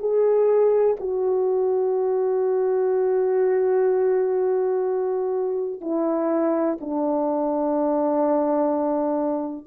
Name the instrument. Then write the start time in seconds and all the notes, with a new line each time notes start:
horn
0.00 G#4
1.00 F#4
5.82 E4
6.81 D4